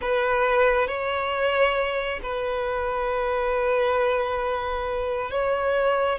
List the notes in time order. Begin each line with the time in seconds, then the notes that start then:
0.01 B4
0.87 C#5
2.23 B4
5.31 C#5